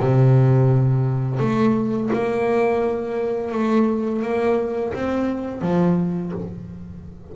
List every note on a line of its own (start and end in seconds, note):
0.00 1.40 C3
1.40 2.10 A3
2.13 3.52 A#3
3.52 4.23 A3
4.23 4.93 A#3
4.93 5.62 C4
5.62 6.32 F3